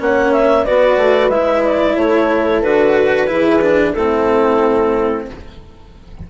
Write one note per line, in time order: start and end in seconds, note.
0.00 0.66 A#3
0.00 0.66 C#4
0.00 0.65 C#5
0.00 0.33 F#5
0.33 0.65 E5
0.65 0.97 B3
0.65 1.32 F#4
0.65 1.97 B4
0.65 1.30 D5
0.97 1.30 A3
1.30 1.96 G#3
1.30 2.64 E4
1.30 1.63 E5
1.65 1.98 D5
1.97 2.63 A3
1.97 3.29 A4
1.97 2.62 C#5
2.62 3.29 D3
2.62 3.27 F#4
2.62 3.94 B4
3.27 3.96 E3
3.27 3.60 E4
3.27 3.95 G#4
3.62 3.95 D4
3.94 5.28 A3
3.94 5.30 C4
3.94 5.26 E4
3.94 5.26 A4